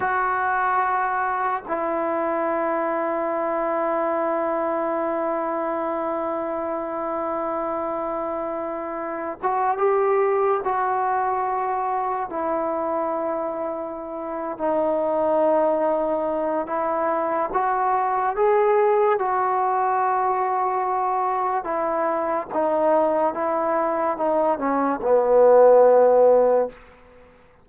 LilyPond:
\new Staff \with { instrumentName = "trombone" } { \time 4/4 \tempo 4 = 72 fis'2 e'2~ | e'1~ | e'2.~ e'16 fis'8 g'16~ | g'8. fis'2 e'4~ e'16~ |
e'4. dis'2~ dis'8 | e'4 fis'4 gis'4 fis'4~ | fis'2 e'4 dis'4 | e'4 dis'8 cis'8 b2 | }